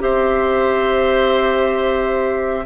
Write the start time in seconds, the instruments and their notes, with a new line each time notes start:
0.00 bassoon C4, clarinet G4, oboe C5, flute E5